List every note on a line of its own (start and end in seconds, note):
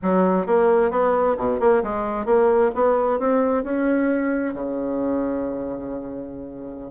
0.02 0.46 F#3
0.46 0.90 A#3
0.90 1.36 B3
1.37 1.60 B2
1.60 1.82 A#3
1.83 2.25 G#3
2.25 2.71 A#3
2.74 3.19 B3
3.19 3.63 C4
3.63 4.54 C#4
4.54 6.91 C#3